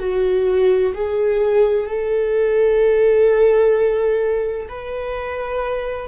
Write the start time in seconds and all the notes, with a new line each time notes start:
0.00 F#4
0.95 G#4
1.87 A4
4.69 B4